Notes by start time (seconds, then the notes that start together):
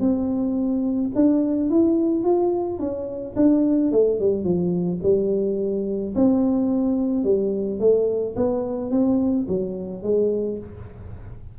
0.00 C4
1.15 D4
1.70 E4
2.24 F4
2.79 C#4
3.36 D4
3.92 A3
4.20 G3
4.44 F3
5.03 G3
6.15 C4
7.24 G3
7.80 A3
8.36 B3
8.91 C4
9.48 F#3
10.03 G#3